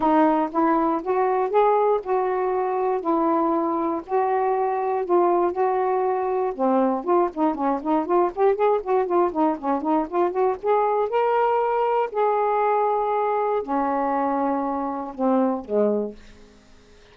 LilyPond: \new Staff \with { instrumentName = "saxophone" } { \time 4/4 \tempo 4 = 119 dis'4 e'4 fis'4 gis'4 | fis'2 e'2 | fis'2 f'4 fis'4~ | fis'4 c'4 f'8 dis'8 cis'8 dis'8 |
f'8 g'8 gis'8 fis'8 f'8 dis'8 cis'8 dis'8 | f'8 fis'8 gis'4 ais'2 | gis'2. cis'4~ | cis'2 c'4 gis4 | }